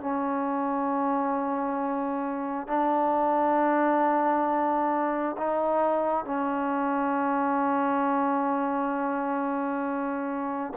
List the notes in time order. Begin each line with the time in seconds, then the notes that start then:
0.00 C#4
2.67 D4
5.37 D#4
6.25 C#4